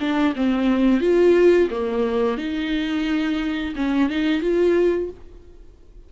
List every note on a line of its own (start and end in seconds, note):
0.00 0.34 D4
0.36 1.01 C4
1.01 1.69 F4
1.71 2.38 A#3
2.38 3.74 D#4
3.76 4.10 C#4
4.10 4.42 D#4
4.42 5.10 F4